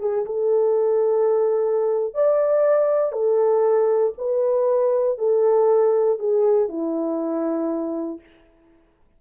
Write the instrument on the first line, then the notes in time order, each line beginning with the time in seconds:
horn
0.00 G#4
0.25 A4
2.15 D5
3.12 A4
4.18 B4
5.19 A4
6.19 G#4
6.69 E4